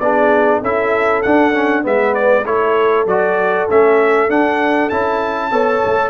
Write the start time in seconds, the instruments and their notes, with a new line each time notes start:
0.00 tuba B3, trombone D4, horn G#4, trumpet D5
0.61 tuba C#4, trombone E4, horn A4, trumpet E5
1.22 trombone D4, tuba D4, trumpet F#5
1.54 trombone C#4
1.83 tuba G#3, trombone B3, horn B4, trumpet E5
2.15 trumpet D5
2.45 tuba A3, trombone E4, horn A4, trumpet C#5
3.06 tuba F#3, trombone F#4, trumpet D5
3.69 tuba A3, trombone C#4, trumpet E5
4.29 trombone D4, tuba D4, trumpet F#5
4.90 tuba C#4, trombone E4, trumpet A5
5.51 tuba B3, trombone A4, horn C#5
5.86 tuba A3